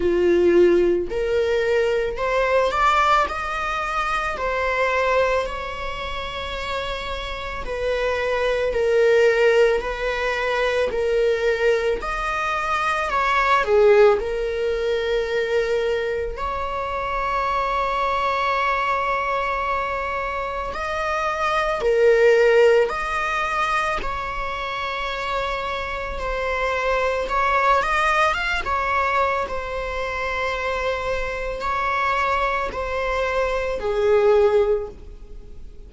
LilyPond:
\new Staff \with { instrumentName = "viola" } { \time 4/4 \tempo 4 = 55 f'4 ais'4 c''8 d''8 dis''4 | c''4 cis''2 b'4 | ais'4 b'4 ais'4 dis''4 | cis''8 gis'8 ais'2 cis''4~ |
cis''2. dis''4 | ais'4 dis''4 cis''2 | c''4 cis''8 dis''8 f''16 cis''8. c''4~ | c''4 cis''4 c''4 gis'4 | }